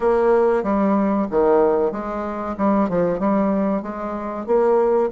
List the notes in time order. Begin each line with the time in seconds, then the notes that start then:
0.00 A#3
0.63 G3
1.31 D#3
1.91 G#3
2.57 G3
2.89 F3
3.19 G3
3.82 G#3
4.46 A#3